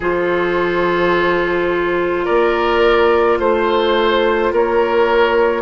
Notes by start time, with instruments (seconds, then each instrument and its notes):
0.00 bassoon F3, clarinet F4, oboe A4, flute C5
2.24 bassoon A#3, oboe A#4, flute D5
3.38 bassoon A3, oboe C5, flute C5
4.52 bassoon A#3, oboe A#4, flute C#5